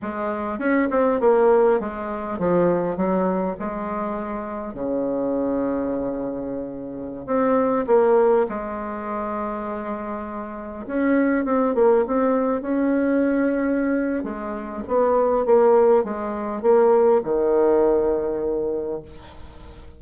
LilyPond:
\new Staff \with { instrumentName = "bassoon" } { \time 4/4 \tempo 4 = 101 gis4 cis'8 c'8 ais4 gis4 | f4 fis4 gis2 | cis1~ | cis16 c'4 ais4 gis4.~ gis16~ |
gis2~ gis16 cis'4 c'8 ais16~ | ais16 c'4 cis'2~ cis'8. | gis4 b4 ais4 gis4 | ais4 dis2. | }